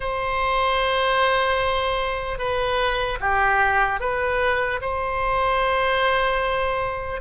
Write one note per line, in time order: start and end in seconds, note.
0.00 2.38 C5
2.38 3.18 B4
3.20 4.00 G4
4.00 4.80 B4
4.81 7.20 C5